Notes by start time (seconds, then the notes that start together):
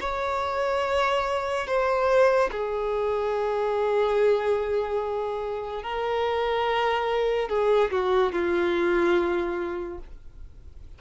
0.00 C#5
1.67 C5
2.51 G#4
5.83 A#4
7.49 G#4
7.91 F#4
8.32 F4